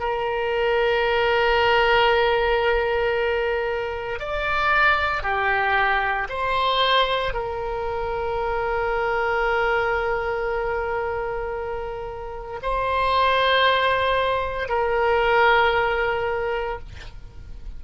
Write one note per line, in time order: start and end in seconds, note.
0.00 4.20 A#4
4.20 5.23 D5
5.23 6.28 G4
6.30 7.34 C5
7.34 12.60 A#4
12.63 14.69 C5
14.69 16.79 A#4